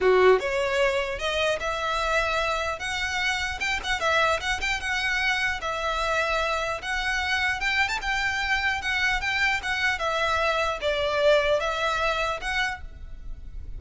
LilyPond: \new Staff \with { instrumentName = "violin" } { \time 4/4 \tempo 4 = 150 fis'4 cis''2 dis''4 | e''2. fis''4~ | fis''4 g''8 fis''8 e''4 fis''8 g''8 | fis''2 e''2~ |
e''4 fis''2 g''8. a''16 | g''2 fis''4 g''4 | fis''4 e''2 d''4~ | d''4 e''2 fis''4 | }